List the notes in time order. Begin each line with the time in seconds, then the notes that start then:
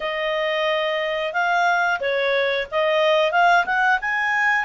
0.00 D#5
1.33 F5
2.00 C#5
2.71 D#5
3.32 F5
3.65 F#5
4.01 G#5